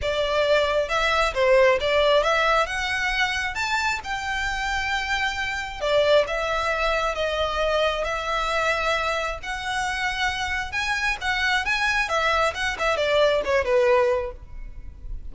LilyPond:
\new Staff \with { instrumentName = "violin" } { \time 4/4 \tempo 4 = 134 d''2 e''4 c''4 | d''4 e''4 fis''2 | a''4 g''2.~ | g''4 d''4 e''2 |
dis''2 e''2~ | e''4 fis''2. | gis''4 fis''4 gis''4 e''4 | fis''8 e''8 d''4 cis''8 b'4. | }